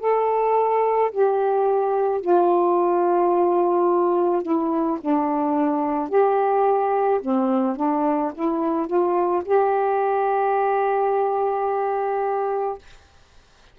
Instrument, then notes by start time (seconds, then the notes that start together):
saxophone
0.00 A4
1.12 G4
2.22 F4
4.43 E4
5.01 D4
6.10 G4
7.22 C4
7.77 D4
8.35 E4
8.87 F4
9.45 G4